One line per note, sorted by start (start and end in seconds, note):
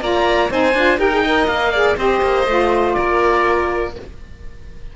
0.00 0.49 A#3
0.00 0.49 F4
0.00 0.51 D5
0.00 0.51 A#5
0.49 0.74 C4
0.49 0.74 D#4
0.49 0.98 C5
0.49 1.00 G#5
0.74 0.98 D4
0.74 0.98 F4
0.98 1.47 D#4
0.98 1.10 G4
0.98 1.23 A#4
0.98 1.47 G5
1.12 1.25 G#4
1.23 1.73 A#4
1.23 1.71 D#5
1.47 1.96 A#3
1.47 1.95 F5
1.71 1.97 G#4
1.71 1.96 D5
1.96 2.21 C4
1.96 2.45 G4
1.96 2.96 C5
1.96 2.93 D#5
2.22 2.46 A#3
2.46 2.95 A3
2.46 3.93 F4
2.93 3.95 A#3
2.93 3.93 A#4
2.93 3.91 D5